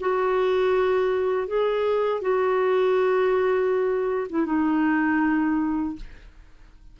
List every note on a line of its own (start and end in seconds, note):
0.00 1.47 F#4
1.47 2.21 G#4
2.21 4.27 F#4
4.29 4.46 E4
4.46 5.96 D#4